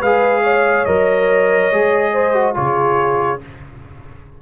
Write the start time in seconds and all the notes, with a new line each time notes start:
0.00 G#3 G#4 B4 F5
0.44 C#5
0.86 F#3 A#4 D#5
1.72 G#3 G#4
2.13 C5
2.34 F#4
2.54 C#3 F4 G#4 C#5